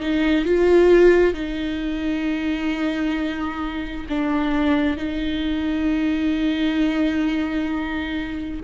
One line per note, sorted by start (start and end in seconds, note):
0.00 0.45 D#4
0.45 1.33 F4
1.33 4.06 D#4
4.09 4.97 D4
4.97 8.60 D#4